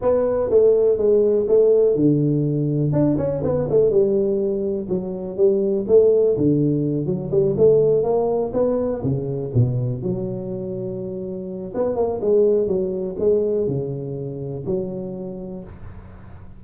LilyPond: \new Staff \with { instrumentName = "tuba" } { \time 4/4 \tempo 4 = 123 b4 a4 gis4 a4 | d2 d'8 cis'8 b8 a8 | g2 fis4 g4 | a4 d4. fis8 g8 a8~ |
a8 ais4 b4 cis4 b,8~ | b,8 fis2.~ fis8 | b8 ais8 gis4 fis4 gis4 | cis2 fis2 | }